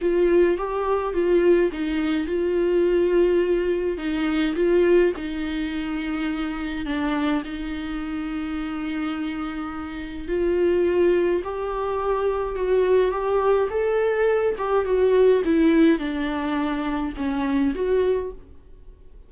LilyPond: \new Staff \with { instrumentName = "viola" } { \time 4/4 \tempo 4 = 105 f'4 g'4 f'4 dis'4 | f'2. dis'4 | f'4 dis'2. | d'4 dis'2.~ |
dis'2 f'2 | g'2 fis'4 g'4 | a'4. g'8 fis'4 e'4 | d'2 cis'4 fis'4 | }